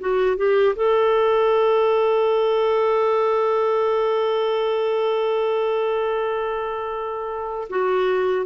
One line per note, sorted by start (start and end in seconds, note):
0.00 0.36 F#4
0.36 0.75 G4
0.75 7.67 A4
7.69 8.46 F#4